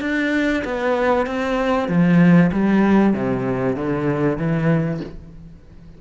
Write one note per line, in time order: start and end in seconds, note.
0.00 0.62 D4
0.64 1.26 B3
1.26 1.88 C4
1.88 2.51 F3
2.52 3.13 G3
3.13 3.76 C3
3.76 4.38 D3
4.38 5.00 E3